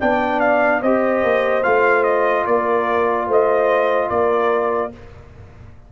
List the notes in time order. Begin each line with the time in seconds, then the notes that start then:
0.00 B3 D4 D5 G5
0.40 F5
0.82 C4 G4 C5 D#5
1.23 A#3
1.63 A3 F4 F5
2.03 D#5
2.46 A#3 A#4 D5
3.27 A3 C5 D#5
4.09 A#3 A#4 D5